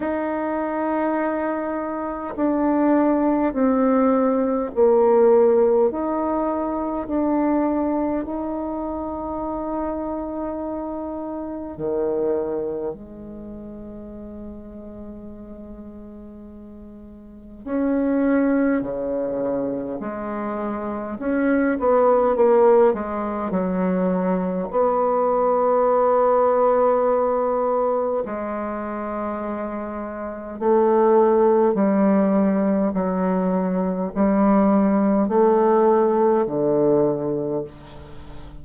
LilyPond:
\new Staff \with { instrumentName = "bassoon" } { \time 4/4 \tempo 4 = 51 dis'2 d'4 c'4 | ais4 dis'4 d'4 dis'4~ | dis'2 dis4 gis4~ | gis2. cis'4 |
cis4 gis4 cis'8 b8 ais8 gis8 | fis4 b2. | gis2 a4 g4 | fis4 g4 a4 d4 | }